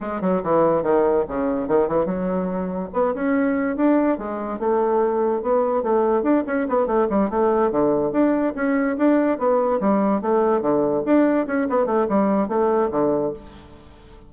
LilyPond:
\new Staff \with { instrumentName = "bassoon" } { \time 4/4 \tempo 4 = 144 gis8 fis8 e4 dis4 cis4 | dis8 e8 fis2 b8 cis'8~ | cis'4 d'4 gis4 a4~ | a4 b4 a4 d'8 cis'8 |
b8 a8 g8 a4 d4 d'8~ | d'8 cis'4 d'4 b4 g8~ | g8 a4 d4 d'4 cis'8 | b8 a8 g4 a4 d4 | }